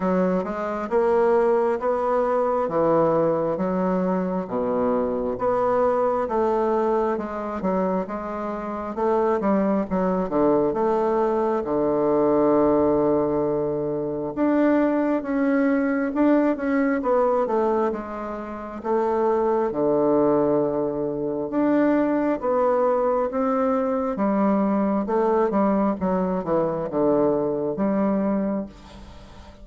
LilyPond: \new Staff \with { instrumentName = "bassoon" } { \time 4/4 \tempo 4 = 67 fis8 gis8 ais4 b4 e4 | fis4 b,4 b4 a4 | gis8 fis8 gis4 a8 g8 fis8 d8 | a4 d2. |
d'4 cis'4 d'8 cis'8 b8 a8 | gis4 a4 d2 | d'4 b4 c'4 g4 | a8 g8 fis8 e8 d4 g4 | }